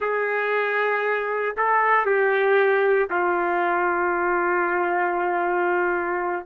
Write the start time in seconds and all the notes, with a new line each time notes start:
0.00 G#4
1.56 A4
2.05 G4
3.10 F4